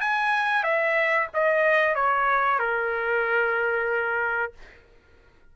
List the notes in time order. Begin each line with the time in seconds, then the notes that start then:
0.00 G#5
0.63 E5
1.34 D#5
1.95 C#5
2.59 A#4